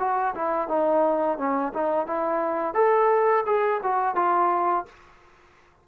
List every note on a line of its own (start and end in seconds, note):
0.00 0.35 F#4
0.36 0.69 E4
0.69 1.38 D#4
1.38 1.73 C#4
1.74 2.07 D#4
2.07 2.75 E4
2.75 3.45 A4
3.47 3.82 G#4
3.83 4.16 F#4
4.16 4.86 F4